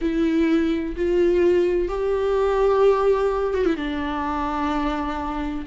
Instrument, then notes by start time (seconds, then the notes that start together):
viola
0.01 E4
0.96 F4
1.88 G4
3.53 F#4
3.65 E4
3.76 D4